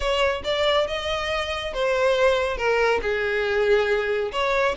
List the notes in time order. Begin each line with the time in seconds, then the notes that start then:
0.00 C#5
0.44 D5
0.87 D#5
1.73 C5
2.57 A#4
3.02 G#4
4.32 C#5